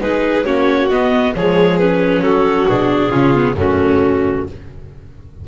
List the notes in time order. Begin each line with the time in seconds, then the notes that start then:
0.00 G#3 D#4 G#4 B4
0.44 A#3 C#4 F#4 C#5
0.89 B3 D#5
1.35 F3 G#3 G#4 C#5
1.78 C#4 B4
2.21 F#3 F#4 A4
2.67 B2 D4 G#4
3.09 C#3 C#4 F4
3.33 B3
3.54 F#2 A3 C#4 F#4